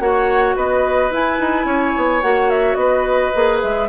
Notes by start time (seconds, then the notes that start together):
0.00 A#3 F#4 C#5 F#5
0.56 B3 B4 D#5
1.11 E4 G#5
1.41 D#4
1.65 C#4 C#5
1.97 B3
2.22 A#3 F#4 F#5
2.50 E5
2.75 B3 B4 D#5
3.34 A#3 G#4
3.62 G#3 E5